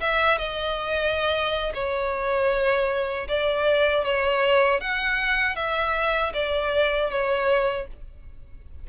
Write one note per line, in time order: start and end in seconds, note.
0.00 0.38 E5
0.38 1.72 D#5
1.74 3.28 C#5
3.28 4.05 D5
4.05 4.80 C#5
4.80 5.56 F#5
5.56 6.33 E5
6.34 7.10 D5
7.10 7.87 C#5